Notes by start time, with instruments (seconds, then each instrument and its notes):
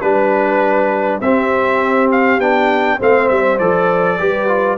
0.00 tuba G3, trombone D4, trumpet B4, horn B4
1.20 tuba C4, trombone C4, horn G4, trumpet E5
2.11 trumpet F5
2.39 tuba B3, trombone D4, trumpet G5
2.98 tuba A3, trombone C4, horn C5, trumpet F5
3.28 tuba G3, trumpet E5
3.58 tuba F3, trombone A4, trumpet D5
4.18 tuba G3, trombone G4, horn B4
4.47 trombone F4